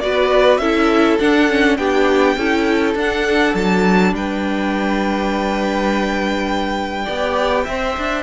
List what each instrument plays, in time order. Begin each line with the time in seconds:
0.00 cello B3, viola F#4, violin B4 D5
0.57 cello C#4, viola E4, violin A4 E5
1.19 viola D4, cello D4, violin F#5
1.49 viola C#4
1.77 cello B3, viola D4, violin G4 G5
2.36 cello C#4, viola E4, violin A4
2.95 cello D4, viola D4, violin F#5
3.54 cello F#3, violin A5
4.13 cello G3, violin B4 G5
7.04 cello B3, viola G4, violin D5
7.64 cello C4, viola C5, violin E5
7.98 cello D4